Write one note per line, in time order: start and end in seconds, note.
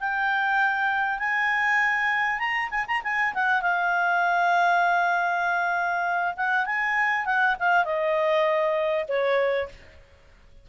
0.00 1.19 G5
1.19 2.39 G#5
2.39 2.69 A#5
2.70 2.86 G#5
2.87 3.02 A#5
3.04 3.34 G#5
3.34 3.62 F#5
3.62 6.35 F5
6.37 6.66 F#5
6.66 7.26 G#5
7.26 7.56 F#5
7.60 7.85 F5
7.85 9.06 D#5
9.08 9.69 C#5